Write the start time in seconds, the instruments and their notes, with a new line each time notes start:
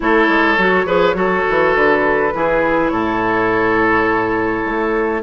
0.00 bassoon A3, clarinet E4, oboe A4, flute C#5
0.28 bassoon G#3
0.57 bassoon F#3, clarinet F#4
0.85 bassoon F3, clarinet G#4, oboe B4
1.14 bassoon F#3, clarinet F#4, oboe A4
1.49 bassoon E3
1.75 bassoon D3, flute B4
2.33 bassoon E3, clarinet E4, oboe G#4
2.88 bassoon A2, oboe A4, flute C#5
4.65 bassoon A3